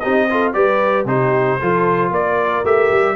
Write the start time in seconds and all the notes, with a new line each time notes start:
0.00 C4 D#4 G4 D#5
0.30 F4 A4
0.54 G3 G4 B4 D5
1.05 C3 D#4 G4 C5
1.60 F3 F4 A4
2.11 A#3 A#4 D5
2.64 A3 G4 E5
2.91 G3